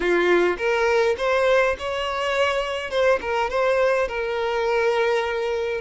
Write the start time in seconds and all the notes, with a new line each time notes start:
0.00 F4
0.57 A#4
1.17 C5
1.78 C#5
2.90 C5
3.21 A#4
3.50 C5
4.08 A#4